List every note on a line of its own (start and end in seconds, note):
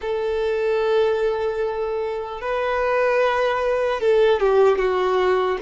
0.01 2.41 A4
2.41 4.00 B4
4.00 4.40 A4
4.40 4.78 G4
4.78 5.58 F#4